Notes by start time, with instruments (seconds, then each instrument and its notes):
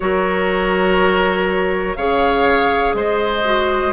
0.00 bassoon F#3, clarinet F#4, oboe A#4, flute C#5
1.95 bassoon C#3, clarinet G#4, oboe C#5, flute F5
2.94 bassoon G#3, oboe C5, flute D#5
3.44 clarinet F#4